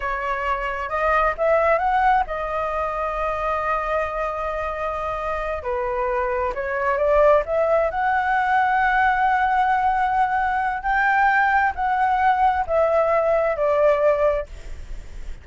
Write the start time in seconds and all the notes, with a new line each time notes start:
0.00 C#5
0.89 D#5
1.37 E5
1.78 F#5
2.27 D#5
5.63 B4
6.54 C#5
6.97 D5
7.45 E5
7.90 F#5
10.82 G5
11.75 F#5
12.66 E5
13.56 D5